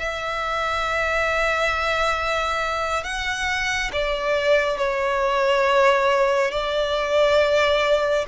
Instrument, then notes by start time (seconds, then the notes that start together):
violin
0.00 E5
3.04 F#5
3.93 D5
4.78 C#5
6.52 D5